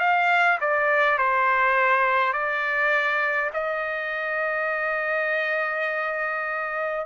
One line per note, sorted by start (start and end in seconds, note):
0.00 0.59 F5
0.61 1.18 D5
1.18 2.33 C5
2.33 3.51 D5
3.54 7.06 D#5